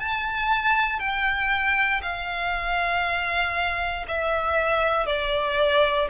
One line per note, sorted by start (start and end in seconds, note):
0.00 1.00 A5
1.00 2.02 G5
2.03 4.06 F5
4.08 5.07 E5
5.07 6.08 D5